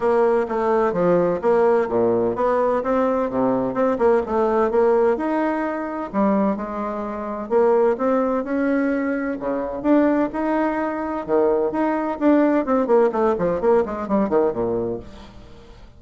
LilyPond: \new Staff \with { instrumentName = "bassoon" } { \time 4/4 \tempo 4 = 128 ais4 a4 f4 ais4 | ais,4 b4 c'4 c4 | c'8 ais8 a4 ais4 dis'4~ | dis'4 g4 gis2 |
ais4 c'4 cis'2 | cis4 d'4 dis'2 | dis4 dis'4 d'4 c'8 ais8 | a8 f8 ais8 gis8 g8 dis8 ais,4 | }